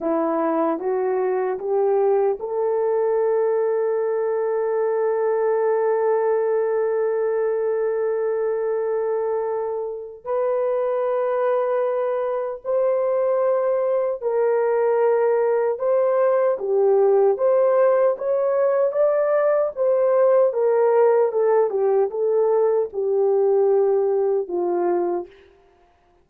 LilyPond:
\new Staff \with { instrumentName = "horn" } { \time 4/4 \tempo 4 = 76 e'4 fis'4 g'4 a'4~ | a'1~ | a'1~ | a'4 b'2. |
c''2 ais'2 | c''4 g'4 c''4 cis''4 | d''4 c''4 ais'4 a'8 g'8 | a'4 g'2 f'4 | }